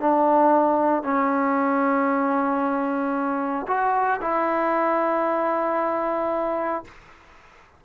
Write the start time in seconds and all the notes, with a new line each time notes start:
0.00 D4
1.03 C#4
3.68 F#4
4.21 E4